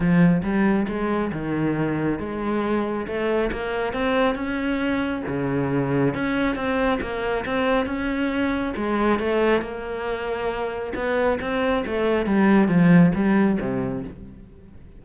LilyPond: \new Staff \with { instrumentName = "cello" } { \time 4/4 \tempo 4 = 137 f4 g4 gis4 dis4~ | dis4 gis2 a4 | ais4 c'4 cis'2 | cis2 cis'4 c'4 |
ais4 c'4 cis'2 | gis4 a4 ais2~ | ais4 b4 c'4 a4 | g4 f4 g4 c4 | }